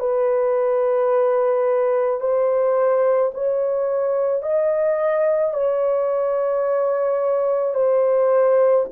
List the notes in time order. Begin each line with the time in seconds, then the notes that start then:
0.00 B4
2.21 C5
3.34 C#5
4.42 D#5
5.54 C#5
7.75 C5